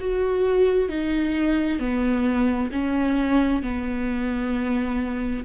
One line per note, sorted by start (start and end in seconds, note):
0.00 0.89 F#4
0.89 1.79 D#4
1.79 2.70 B3
2.72 3.63 C#4
3.63 5.45 B3